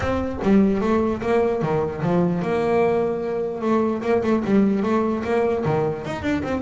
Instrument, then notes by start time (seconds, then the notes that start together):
double bass
0.00 C4
0.42 G3
0.81 A3
1.21 A#3
1.61 D#3
2.02 F3
2.42 A#3
3.61 A3
4.02 A#3
4.23 A3
4.44 G3
4.82 A3
5.23 A#3
5.65 D#3
6.05 D#4
6.22 D4
6.43 C4